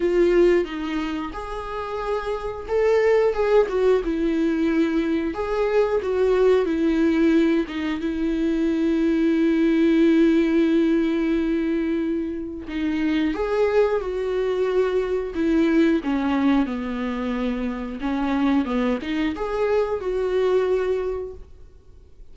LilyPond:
\new Staff \with { instrumentName = "viola" } { \time 4/4 \tempo 4 = 90 f'4 dis'4 gis'2 | a'4 gis'8 fis'8 e'2 | gis'4 fis'4 e'4. dis'8 | e'1~ |
e'2. dis'4 | gis'4 fis'2 e'4 | cis'4 b2 cis'4 | b8 dis'8 gis'4 fis'2 | }